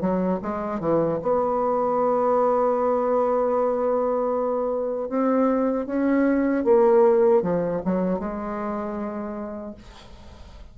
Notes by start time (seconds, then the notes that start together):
0.00 F#3
0.41 G#3
0.80 E3
1.22 B3
5.09 C4
5.86 C#4
6.64 A#3
7.42 F3
7.85 F#3
8.19 G#3